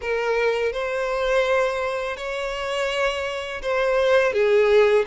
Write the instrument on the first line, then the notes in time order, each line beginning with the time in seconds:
violin
0.01 A#4
0.72 C5
2.17 C#5
3.61 C5
4.32 G#4